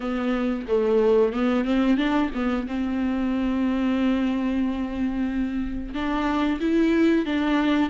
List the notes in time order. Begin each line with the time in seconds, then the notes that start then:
0.00 B3
0.67 A3
1.33 B3
1.64 C4
1.97 D4
2.34 B3
2.67 C4
5.93 D4
6.60 E4
7.25 D4